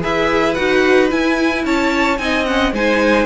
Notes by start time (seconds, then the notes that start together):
0.00 E4 G#4 B4 E5
0.54 D#4 F#4 F#5
1.09 E4 G#5
1.65 C#4 C#5 A5
2.18 C4 D#4 D#5 G#5
2.45 C#4 F#5
2.72 G#3 D#4 C5 G#5